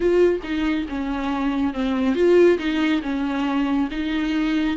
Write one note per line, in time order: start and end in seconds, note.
0.00 0.40 F4
0.43 0.86 D#4
0.88 1.73 C#4
1.73 2.15 C4
2.15 2.58 F4
2.58 3.01 D#4
3.02 3.88 C#4
3.90 4.76 D#4